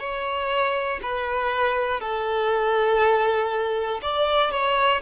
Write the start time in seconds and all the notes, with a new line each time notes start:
0.00 C#5
1.03 B4
2.01 A4
4.02 D5
4.52 C#5